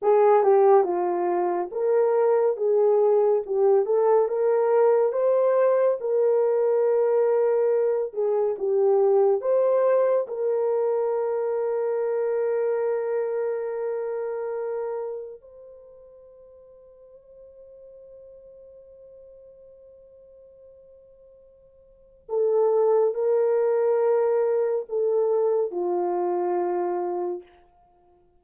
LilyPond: \new Staff \with { instrumentName = "horn" } { \time 4/4 \tempo 4 = 70 gis'8 g'8 f'4 ais'4 gis'4 | g'8 a'8 ais'4 c''4 ais'4~ | ais'4. gis'8 g'4 c''4 | ais'1~ |
ais'2 c''2~ | c''1~ | c''2 a'4 ais'4~ | ais'4 a'4 f'2 | }